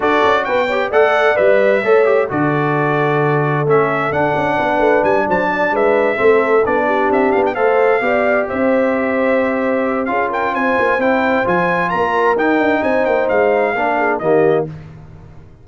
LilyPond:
<<
  \new Staff \with { instrumentName = "trumpet" } { \time 4/4 \tempo 4 = 131 d''4 g''4 fis''4 e''4~ | e''4 d''2. | e''4 fis''2 gis''8 a''8~ | a''8 e''2 d''4 e''8 |
f''16 g''16 f''2 e''4.~ | e''2 f''8 g''8 gis''4 | g''4 gis''4 ais''4 g''4 | gis''8 g''8 f''2 dis''4 | }
  \new Staff \with { instrumentName = "horn" } { \time 4/4 a'4 b'8 cis''8 d''2 | cis''4 a'2.~ | a'2 b'4. c''8 | d''8 b'4 a'4. g'4~ |
g'8 c''4 d''4 c''4.~ | c''2 gis'8 ais'8 c''4~ | c''2 ais'2 | c''2 ais'8 gis'8 g'4 | }
  \new Staff \with { instrumentName = "trombone" } { \time 4/4 fis'4. g'8 a'4 b'4 | a'8 g'8 fis'2. | cis'4 d'2.~ | d'4. c'4 d'4.~ |
d'8 a'4 g'2~ g'8~ | g'2 f'2 | e'4 f'2 dis'4~ | dis'2 d'4 ais4 | }
  \new Staff \with { instrumentName = "tuba" } { \time 4/4 d'8 cis'8 b4 a4 g4 | a4 d2. | a4 d'8 cis'8 b8 a8 g8 fis8~ | fis8 gis4 a4 b4 c'8 |
b8 a4 b4 c'4.~ | c'2 cis'4 c'8 ais8 | c'4 f4 ais4 dis'8 d'8 | c'8 ais8 gis4 ais4 dis4 | }
>>